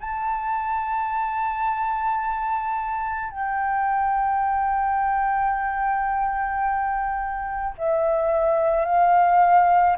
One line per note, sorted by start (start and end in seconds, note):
0.00 3.31 A5
3.31 7.75 G5
7.78 8.86 E5
8.86 9.97 F5